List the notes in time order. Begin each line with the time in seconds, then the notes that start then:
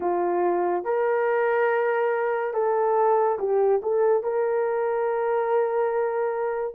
0.00 F4
0.84 A#4
2.53 A4
3.38 G4
3.82 A4
4.23 A#4